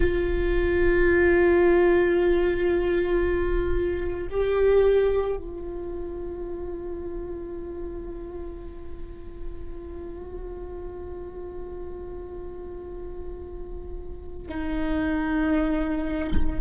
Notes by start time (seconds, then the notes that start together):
0.00 F4
4.30 G4
5.36 F4
14.48 D#4